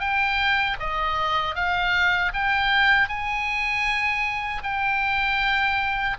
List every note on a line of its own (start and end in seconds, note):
0.00 0.77 G5
0.80 1.55 D#5
1.55 2.32 F5
2.34 3.08 G5
3.08 4.62 G#5
4.63 6.17 G5